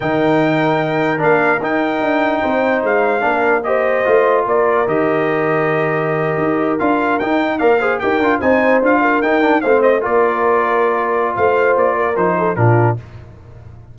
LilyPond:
<<
  \new Staff \with { instrumentName = "trumpet" } { \time 4/4 \tempo 4 = 148 g''2. f''4 | g''2. f''4~ | f''4 dis''2 d''4 | dis''1~ |
dis''8. f''4 g''4 f''4 g''16~ | g''8. gis''4 f''4 g''4 f''16~ | f''16 dis''8 d''2.~ d''16 | f''4 d''4 c''4 ais'4 | }
  \new Staff \with { instrumentName = "horn" } { \time 4/4 ais'1~ | ais'2 c''2 | ais'4 c''2 ais'4~ | ais'1~ |
ais'2~ ais'8. d''8 c''8 ais'16~ | ais'8. c''4. ais'4. c''16~ | c''8. ais'2.~ ais'16 | c''4. ais'4 a'8 f'4 | }
  \new Staff \with { instrumentName = "trombone" } { \time 4/4 dis'2. d'4 | dis'1 | d'4 g'4 f'2 | g'1~ |
g'8. f'4 dis'4 ais'8 gis'8 g'16~ | g'16 f'8 dis'4 f'4 dis'8 d'8 c'16~ | c'8. f'2.~ f'16~ | f'2 dis'4 d'4 | }
  \new Staff \with { instrumentName = "tuba" } { \time 4/4 dis2. ais4 | dis'4 d'4 c'4 gis4 | ais2 a4 ais4 | dis2.~ dis8. dis'16~ |
dis'8. d'4 dis'4 ais4 dis'16~ | dis'16 d'8 c'4 d'4 dis'4 a16~ | a8. ais2.~ ais16 | a4 ais4 f4 ais,4 | }
>>